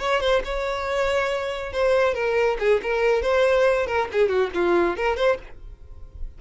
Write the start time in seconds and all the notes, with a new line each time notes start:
0.00 C#5
0.21 C5
0.45 C#5
1.73 C5
2.15 A#4
2.60 G#4
2.83 A#4
3.23 C5
3.87 A#4
4.13 G#4
4.29 F#4
4.55 F4
4.97 A#4
5.17 C5